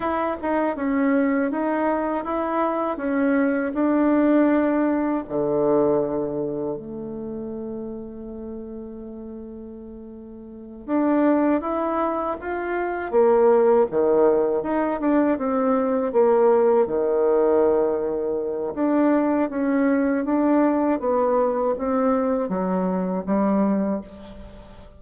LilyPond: \new Staff \with { instrumentName = "bassoon" } { \time 4/4 \tempo 4 = 80 e'8 dis'8 cis'4 dis'4 e'4 | cis'4 d'2 d4~ | d4 a2.~ | a2~ a8 d'4 e'8~ |
e'8 f'4 ais4 dis4 dis'8 | d'8 c'4 ais4 dis4.~ | dis4 d'4 cis'4 d'4 | b4 c'4 fis4 g4 | }